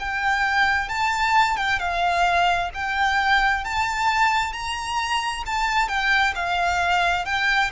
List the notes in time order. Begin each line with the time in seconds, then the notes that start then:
0.00 G5
0.89 A5
1.57 G5
1.80 F5
2.74 G5
3.65 A5
4.53 A#5
5.47 A5
5.89 G5
6.36 F5
7.26 G5